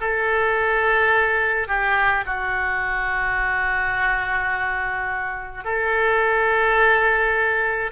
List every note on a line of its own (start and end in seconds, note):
0.00 1.67 A4
1.67 2.24 G4
2.26 5.64 F#4
5.64 7.91 A4